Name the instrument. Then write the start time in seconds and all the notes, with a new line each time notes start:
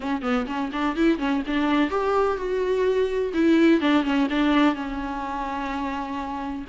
viola
0.00 C#4
0.22 B3
0.46 C#4
0.72 D4
0.95 E4
1.18 C#4
1.46 D4
1.90 G4
2.37 F#4
3.33 E4
3.81 D4
4.03 C#4
4.29 D4
4.74 C#4